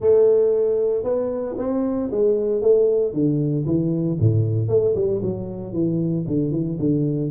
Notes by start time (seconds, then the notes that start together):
0.00 A3
1.03 B3
1.57 C4
2.11 G#3
2.61 A3
3.13 D3
3.65 E3
4.19 A2
4.68 A3
4.95 G3
5.22 F#3
5.72 E3
6.27 D3
6.51 E3
6.79 D3